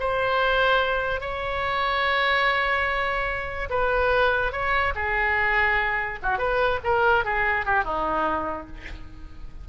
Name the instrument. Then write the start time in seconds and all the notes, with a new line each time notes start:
oboe
0.00 C5
1.21 C#5
3.70 B4
4.53 C#5
4.95 G#4
6.23 F#4
6.38 B4
6.84 A#4
7.25 G#4
7.66 G4
7.85 D#4